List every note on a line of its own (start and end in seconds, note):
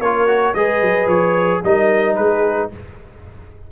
0.00 0.54 A#3
0.00 0.28 F4
0.00 0.56 A#4
0.00 0.55 C#5
0.28 0.55 F#4
0.55 0.82 G#3
0.55 1.64 G#4
0.55 1.63 B4
0.55 1.08 D#5
0.82 1.07 F#3
1.07 1.60 F3
1.07 1.62 C#5
1.64 2.18 G3
1.64 2.72 D#4
1.64 2.17 A#4
1.64 2.16 D#5
2.16 2.72 G#3
2.16 2.70 G#4
2.16 2.69 B4